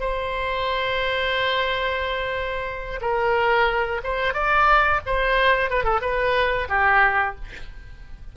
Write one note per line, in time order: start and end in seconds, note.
0.00 3.00 C5
3.01 4.01 A#4
4.03 4.34 C5
4.34 5.00 D5
5.06 5.70 C5
5.70 5.84 B4
5.84 6.00 A4
6.01 6.68 B4
6.68 7.35 G4